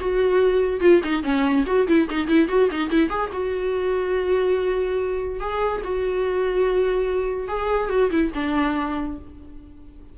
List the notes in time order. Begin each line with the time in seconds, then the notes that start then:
0.00 F#4
0.81 F4
1.04 D#4
1.23 C#4
1.66 F#4
1.88 E4
2.10 D#4
2.28 E4
2.49 F#4
2.71 D#4
2.90 E4
3.10 G#4
3.33 F#4
5.40 G#4
5.84 F#4
7.48 G#4
7.90 F#4
8.11 E4
8.35 D4